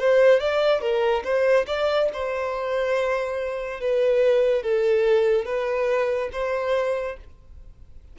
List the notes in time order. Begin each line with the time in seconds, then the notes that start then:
0.00 C5
0.40 D5
0.81 A#4
1.24 C5
1.67 D5
2.14 C5
3.81 B4
4.63 A4
5.45 B4
6.32 C5